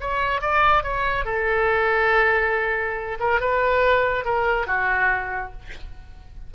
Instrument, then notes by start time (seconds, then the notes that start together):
oboe
0.00 C#5
0.41 D5
0.83 C#5
1.25 A4
3.19 A#4
3.40 B4
4.25 A#4
4.67 F#4